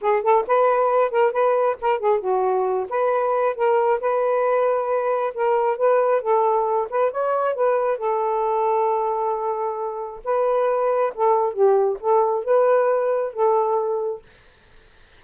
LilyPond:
\new Staff \with { instrumentName = "saxophone" } { \time 4/4 \tempo 4 = 135 gis'8 a'8 b'4. ais'8 b'4 | ais'8 gis'8 fis'4. b'4. | ais'4 b'2. | ais'4 b'4 a'4. b'8 |
cis''4 b'4 a'2~ | a'2. b'4~ | b'4 a'4 g'4 a'4 | b'2 a'2 | }